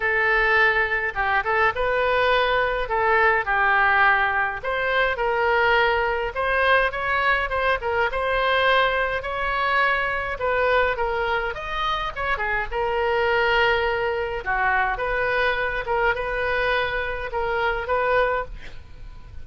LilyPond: \new Staff \with { instrumentName = "oboe" } { \time 4/4 \tempo 4 = 104 a'2 g'8 a'8 b'4~ | b'4 a'4 g'2 | c''4 ais'2 c''4 | cis''4 c''8 ais'8 c''2 |
cis''2 b'4 ais'4 | dis''4 cis''8 gis'8 ais'2~ | ais'4 fis'4 b'4. ais'8 | b'2 ais'4 b'4 | }